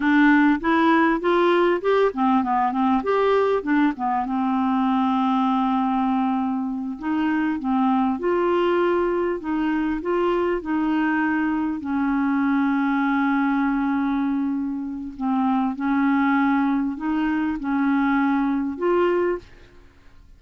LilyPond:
\new Staff \with { instrumentName = "clarinet" } { \time 4/4 \tempo 4 = 99 d'4 e'4 f'4 g'8 c'8 | b8 c'8 g'4 d'8 b8 c'4~ | c'2.~ c'8 dis'8~ | dis'8 c'4 f'2 dis'8~ |
dis'8 f'4 dis'2 cis'8~ | cis'1~ | cis'4 c'4 cis'2 | dis'4 cis'2 f'4 | }